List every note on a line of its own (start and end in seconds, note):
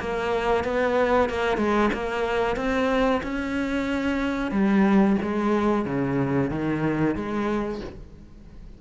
0.00 0.65 A#3
0.65 1.30 B3
1.30 1.57 A#3
1.57 1.90 G#3
1.94 2.56 A#3
2.56 3.22 C4
3.23 4.52 C#4
4.52 5.17 G3
5.23 5.86 G#3
5.86 6.50 C#3
6.50 7.16 D#3
7.16 7.81 G#3